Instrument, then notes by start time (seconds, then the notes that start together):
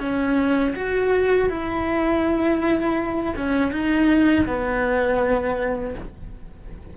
cello
0.00 C#4
0.76 F#4
1.49 E4
3.37 C#4
3.72 D#4
4.46 B3